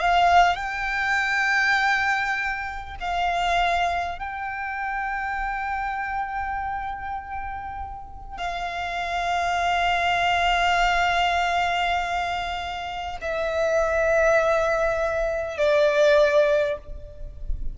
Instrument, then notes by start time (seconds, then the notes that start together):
violin
0.00 F5
0.56 G5
3.01 F5
4.19 G5
8.38 F5
13.22 E5
15.58 D5